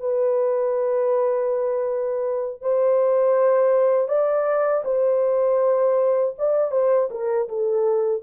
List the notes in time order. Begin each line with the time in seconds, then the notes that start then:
0.00 B4
2.62 C5
4.08 D5
4.85 C5
6.39 D5
6.72 C5
7.11 A#4
7.49 A4